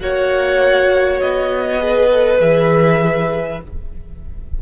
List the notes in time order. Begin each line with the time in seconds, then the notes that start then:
0.00 A#3 F#4 C#5 F#5
1.21 B3 D#5
1.79 G#4 B4
2.11 A4
2.38 E3 G#4 E5